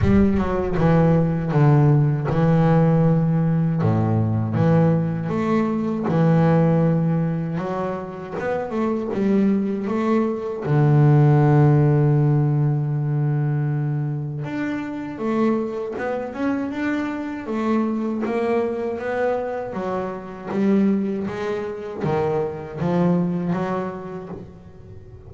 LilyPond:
\new Staff \with { instrumentName = "double bass" } { \time 4/4 \tempo 4 = 79 g8 fis8 e4 d4 e4~ | e4 a,4 e4 a4 | e2 fis4 b8 a8 | g4 a4 d2~ |
d2. d'4 | a4 b8 cis'8 d'4 a4 | ais4 b4 fis4 g4 | gis4 dis4 f4 fis4 | }